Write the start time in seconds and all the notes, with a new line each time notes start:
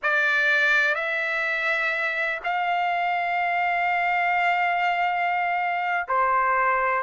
0.03 D5
0.94 E5
2.44 F5
6.07 C5